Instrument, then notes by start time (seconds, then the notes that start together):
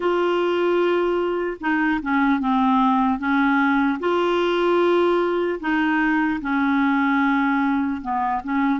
clarinet
0.00 F4
1.60 D#4
2.01 C#4
2.40 C4
3.18 C#4
3.99 F4
5.60 D#4
6.41 C#4
8.01 B3
8.43 C#4